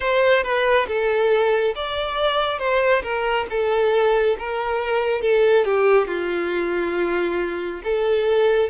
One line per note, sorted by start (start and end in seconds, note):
0.00 0.43 C5
0.43 0.87 B4
0.87 1.74 A4
1.75 2.58 D5
2.58 3.02 C5
3.02 3.46 A#4
3.49 4.36 A4
4.38 5.21 A#4
5.21 5.64 A4
5.64 6.07 G4
6.07 7.81 F4
7.83 8.69 A4